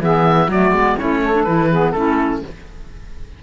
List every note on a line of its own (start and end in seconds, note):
0.00 0.48 E3
0.00 0.48 B3
0.00 0.49 G#4
0.00 0.51 E5
0.48 0.71 F#3
0.48 0.74 A3
0.48 0.97 F#4
0.48 0.98 D5
0.71 0.95 G#3
0.71 0.98 B3
0.97 1.46 A3
0.97 1.32 C#4
0.97 1.21 E4
0.97 1.44 C#5
1.22 1.70 A4
1.32 1.45 D4
1.44 1.94 E3
1.44 1.70 E4
1.44 1.91 B4
1.70 1.94 B3
1.70 1.94 G#4
1.91 2.42 A3
1.91 2.43 C#4
1.91 2.43 E4
1.91 2.40 A4